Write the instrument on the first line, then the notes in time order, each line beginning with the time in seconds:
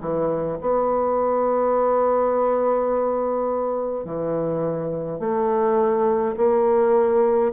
bassoon
0.00 E3
0.61 B3
4.05 E3
5.20 A3
6.37 A#3